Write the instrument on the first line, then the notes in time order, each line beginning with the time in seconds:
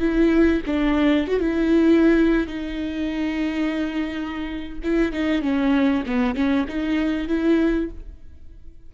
viola
0.00 E4
0.66 D4
1.28 F#4
1.40 E4
2.47 D#4
4.84 E4
5.13 D#4
5.42 C#4
6.07 B3
6.35 C#4
6.68 D#4
7.28 E4